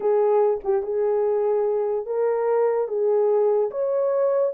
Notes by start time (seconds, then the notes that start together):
0.00 G#4
0.64 G4
0.82 G#4
2.06 A#4
2.88 G#4
3.70 C#5